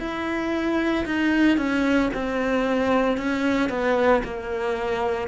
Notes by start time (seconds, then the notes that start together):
0.00 E4
1.06 D#4
1.57 C#4
2.14 C4
3.17 C#4
3.69 B3
4.24 A#3